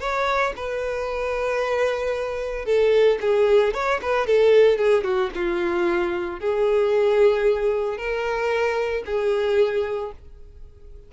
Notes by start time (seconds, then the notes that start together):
0.00 C#5
0.56 B4
2.65 A4
3.21 G#4
3.74 C#5
4.02 B4
4.26 A4
4.78 G#4
5.04 F#4
5.35 F4
6.40 G#4
7.97 A#4
9.06 G#4